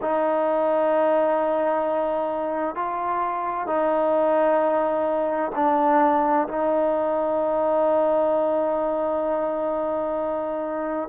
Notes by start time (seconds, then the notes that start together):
0.01 D#4
2.74 F4
3.67 D#4
5.55 D4
6.47 D#4